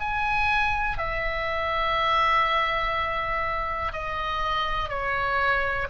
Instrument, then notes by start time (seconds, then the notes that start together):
oboe
0.00 G#5
0.98 E5
3.93 D#5
4.90 C#5